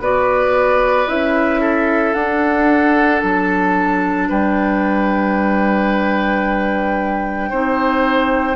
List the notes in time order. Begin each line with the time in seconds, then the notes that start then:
0.00 B3 F#4 B4 D5
1.08 C#4 E4 E5
1.61 A4
2.14 D4 F#5
3.23 F#3 A5
4.29 G3 B4 G5
7.50 C4 D#4 C5